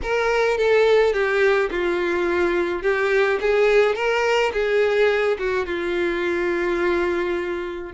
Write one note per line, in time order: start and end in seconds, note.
0.02 0.57 A#4
0.57 1.13 A4
1.13 1.69 G4
1.70 2.82 F4
2.82 3.39 G4
3.40 3.95 G#4
3.95 4.51 A#4
4.53 5.37 G#4
5.38 5.66 F#4
5.66 7.92 F4